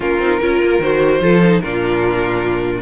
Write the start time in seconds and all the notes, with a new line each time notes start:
0.00 A#3 C#4 F4 A#4
0.19 C4 D#4
0.40 C#4 F4 A#4
0.63 A#3
0.79 D#3 F#4 C5
1.20 F3 F4 A4
1.43 D#4
1.60 A#2 D4 F4 A#4